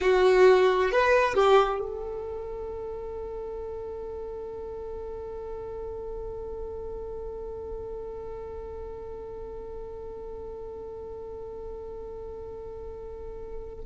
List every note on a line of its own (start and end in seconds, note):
0.00 0.91 F#4
0.91 1.34 B4
1.34 1.79 G4
1.79 13.84 A4